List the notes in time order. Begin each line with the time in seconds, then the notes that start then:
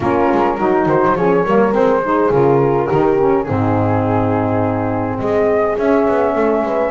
0.00 A#3 C#4 F4 A#4
0.32 G#3
0.58 F#3 D#4 F#4
0.86 D#3 C5
1.05 F#3
1.15 F3 C#4 G#4 C#5
1.44 G3 A#3 A#4
1.72 G#3 C4 C5
2.04 D#4 G#4
2.30 C#3 F4 A#4
2.87 D#3 D#4 G4
3.18 C#4
3.43 G#2 C4 D#4 G#4
5.19 G#3 G#4 D#5
5.77 C#4 E5
6.08 B3
6.34 A3 A4
6.61 G#3 B4